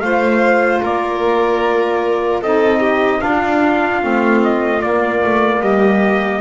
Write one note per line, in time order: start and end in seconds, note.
0.00 0.81 A3
0.00 2.43 F4
0.00 0.83 C5
0.00 0.80 F5
0.82 2.41 A#3
0.82 2.41 A#4
0.82 2.43 D5
2.41 3.21 C4
2.41 3.21 D#4
2.41 2.80 A4
2.41 3.21 D#5
2.80 3.20 G4
3.21 4.01 D4
3.21 4.04 D4
3.21 5.62 F4
3.21 4.41 F5
4.01 4.83 A3
4.01 4.81 C4
4.44 4.82 D#5
4.82 6.41 A#3
4.82 5.23 A#3
4.82 5.62 D5
5.24 5.60 A3
5.60 6.40 G3
5.60 6.41 G4
5.60 6.41 D#5